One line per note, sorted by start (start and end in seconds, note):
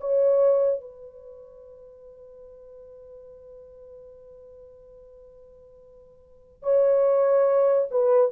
0.00 0.81 C#5
0.81 6.62 B4
6.62 7.87 C#5
7.90 8.31 B4